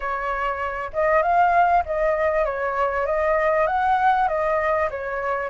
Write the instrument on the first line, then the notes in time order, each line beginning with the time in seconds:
flute
0.00 C#5
0.93 D#5
1.22 F5
1.85 D#5
2.45 C#5
3.06 D#5
3.67 F#5
4.27 D#5
4.90 C#5